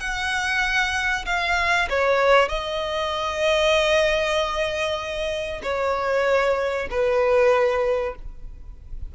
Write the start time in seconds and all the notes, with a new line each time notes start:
0.00 F#5
1.26 F5
1.89 C#5
2.49 D#5
5.63 C#5
6.90 B4